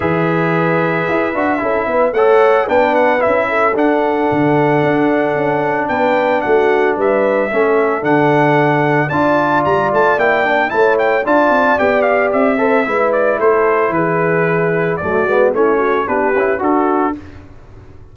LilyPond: <<
  \new Staff \with { instrumentName = "trumpet" } { \time 4/4 \tempo 4 = 112 e''1 | fis''4 g''8 fis''8 e''4 fis''4~ | fis''2. g''4 | fis''4 e''2 fis''4~ |
fis''4 a''4 ais''8 a''8 g''4 | a''8 g''8 a''4 g''8 f''8 e''4~ | e''8 d''8 c''4 b'2 | d''4 cis''4 b'4 a'4 | }
  \new Staff \with { instrumentName = "horn" } { \time 4/4 b'2. a'8 b'8 | cis''4 b'4. a'4.~ | a'2. b'4 | fis'4 b'4 a'2~ |
a'4 d''2. | cis''4 d''2~ d''8 c''8 | b'4 a'4 gis'2 | fis'4 e'8 fis'8 g'4 fis'4 | }
  \new Staff \with { instrumentName = "trombone" } { \time 4/4 gis'2~ gis'8 fis'8 e'4 | a'4 d'4 e'4 d'4~ | d'1~ | d'2 cis'4 d'4~ |
d'4 f'2 e'8 d'8 | e'4 f'4 g'4. a'8 | e'1 | a8 b8 cis'4 d'8 e'8 fis'4 | }
  \new Staff \with { instrumentName = "tuba" } { \time 4/4 e2 e'8 d'8 cis'8 b8 | a4 b4 cis'4 d'4 | d4 d'4 cis'4 b4 | a4 g4 a4 d4~ |
d4 d'4 g8 a8 ais4 | a4 d'8 c'8 b4 c'4 | gis4 a4 e2 | fis8 gis8 a4 b8 cis'8 d'4 | }
>>